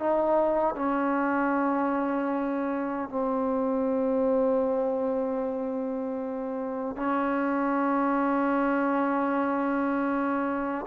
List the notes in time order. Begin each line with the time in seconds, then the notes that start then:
0.00 D#4
0.75 C#4
3.10 C4
6.96 C#4